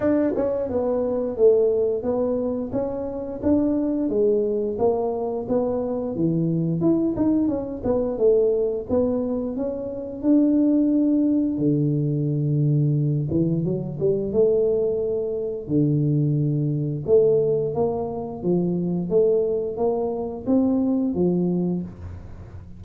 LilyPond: \new Staff \with { instrumentName = "tuba" } { \time 4/4 \tempo 4 = 88 d'8 cis'8 b4 a4 b4 | cis'4 d'4 gis4 ais4 | b4 e4 e'8 dis'8 cis'8 b8 | a4 b4 cis'4 d'4~ |
d'4 d2~ d8 e8 | fis8 g8 a2 d4~ | d4 a4 ais4 f4 | a4 ais4 c'4 f4 | }